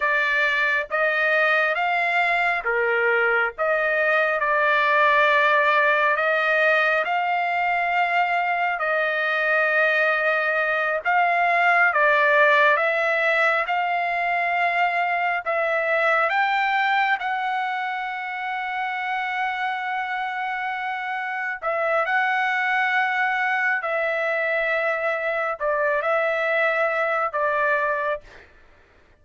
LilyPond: \new Staff \with { instrumentName = "trumpet" } { \time 4/4 \tempo 4 = 68 d''4 dis''4 f''4 ais'4 | dis''4 d''2 dis''4 | f''2 dis''2~ | dis''8 f''4 d''4 e''4 f''8~ |
f''4. e''4 g''4 fis''8~ | fis''1~ | fis''8 e''8 fis''2 e''4~ | e''4 d''8 e''4. d''4 | }